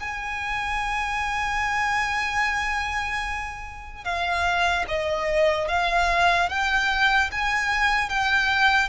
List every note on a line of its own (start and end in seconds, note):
0.00 4.05 G#5
4.05 4.86 F5
4.88 5.68 D#5
5.68 6.49 F5
6.50 7.31 G5
7.32 8.10 G#5
8.10 8.89 G5